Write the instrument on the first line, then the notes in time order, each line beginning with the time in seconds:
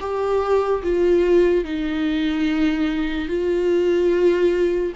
viola
0.00 G4
0.83 F4
1.64 D#4
3.28 F4